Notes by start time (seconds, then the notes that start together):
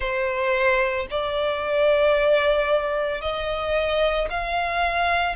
0.00 C5
1.10 D5
3.21 D#5
4.30 F5